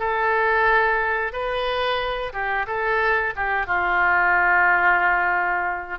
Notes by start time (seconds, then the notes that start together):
0.00 A4
1.33 B4
2.34 G4
2.68 A4
3.36 G4
3.67 F4